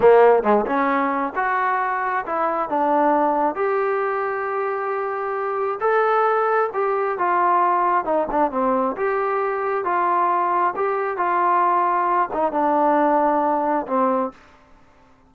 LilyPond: \new Staff \with { instrumentName = "trombone" } { \time 4/4 \tempo 4 = 134 ais4 gis8 cis'4. fis'4~ | fis'4 e'4 d'2 | g'1~ | g'4 a'2 g'4 |
f'2 dis'8 d'8 c'4 | g'2 f'2 | g'4 f'2~ f'8 dis'8 | d'2. c'4 | }